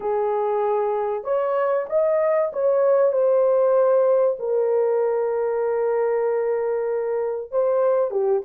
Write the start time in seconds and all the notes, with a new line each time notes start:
0.00 G#4
1.24 C#5
1.89 D#5
2.52 C#5
3.12 C5
4.39 A#4
7.51 C5
8.10 G4